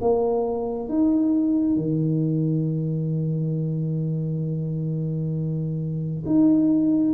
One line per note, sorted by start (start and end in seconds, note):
0.00 0.88 A#3
0.88 1.76 D#4
1.76 6.24 D#3
6.25 7.14 D#4